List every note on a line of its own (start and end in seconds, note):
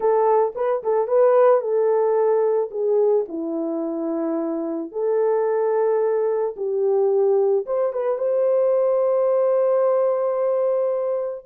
0.00 0.53 A4
0.55 0.82 B4
0.83 1.07 A4
1.07 1.60 B4
1.60 2.70 A4
2.70 3.25 G#4
3.28 4.91 E4
4.91 6.55 A4
6.56 7.65 G4
7.66 7.92 C5
7.92 8.18 B4
8.18 11.45 C5